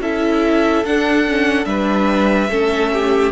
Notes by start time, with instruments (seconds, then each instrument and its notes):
0.00 cello C#4, viola E4, violin A4 E5
0.84 cello D4, viola D4, violin F#5
1.28 viola C#4
1.64 cello G3, viola D4, violin B4 E5
2.49 cello A3, viola C#4, violin A4
2.92 violin G4